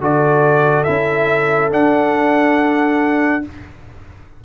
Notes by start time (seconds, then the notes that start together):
0.00 D3 F#4 A4 D5
0.83 C#4 E4 E5
1.70 D4 F#5